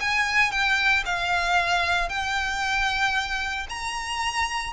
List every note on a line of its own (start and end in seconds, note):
0.00 0.51 G#5
0.51 1.04 G5
1.05 2.09 F5
2.09 3.67 G5
3.69 4.73 A#5